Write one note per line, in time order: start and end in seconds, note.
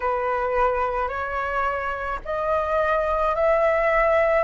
0.00 1.08 B4
1.08 2.19 C#5
2.25 3.35 D#5
3.35 4.43 E5